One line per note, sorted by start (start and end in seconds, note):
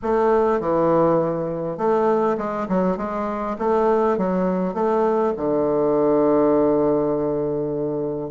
0.02 0.60 A3
0.60 1.77 E3
1.77 2.37 A3
2.37 2.67 G#3
2.68 2.97 F#3
2.97 3.56 G#3
3.58 4.17 A3
4.17 4.74 F#3
4.74 5.33 A3
5.36 8.30 D3